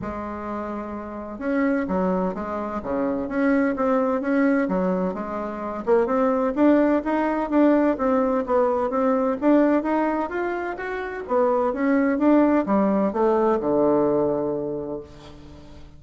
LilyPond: \new Staff \with { instrumentName = "bassoon" } { \time 4/4 \tempo 4 = 128 gis2. cis'4 | fis4 gis4 cis4 cis'4 | c'4 cis'4 fis4 gis4~ | gis8 ais8 c'4 d'4 dis'4 |
d'4 c'4 b4 c'4 | d'4 dis'4 f'4 fis'4 | b4 cis'4 d'4 g4 | a4 d2. | }